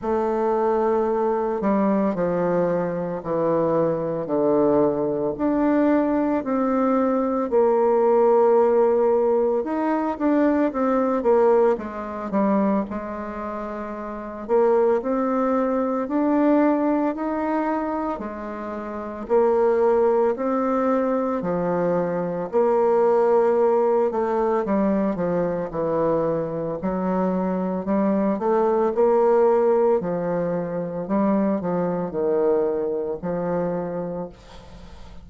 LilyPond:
\new Staff \with { instrumentName = "bassoon" } { \time 4/4 \tempo 4 = 56 a4. g8 f4 e4 | d4 d'4 c'4 ais4~ | ais4 dis'8 d'8 c'8 ais8 gis8 g8 | gis4. ais8 c'4 d'4 |
dis'4 gis4 ais4 c'4 | f4 ais4. a8 g8 f8 | e4 fis4 g8 a8 ais4 | f4 g8 f8 dis4 f4 | }